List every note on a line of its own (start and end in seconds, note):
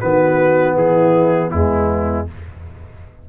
0.00 0.76 D#3
0.00 1.52 B3
0.00 0.76 F#4
0.00 0.77 B4
0.76 1.52 E3
0.76 1.51 E4
0.76 1.51 G#4
1.51 2.29 E2
1.51 2.28 G#3
1.51 2.27 B3
1.51 2.27 E4